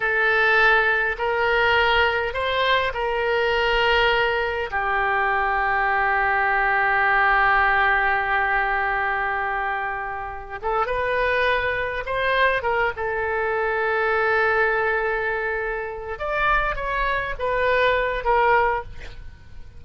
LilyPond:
\new Staff \with { instrumentName = "oboe" } { \time 4/4 \tempo 4 = 102 a'2 ais'2 | c''4 ais'2. | g'1~ | g'1~ |
g'2 a'8 b'4.~ | b'8 c''4 ais'8 a'2~ | a'2.~ a'8 d''8~ | d''8 cis''4 b'4. ais'4 | }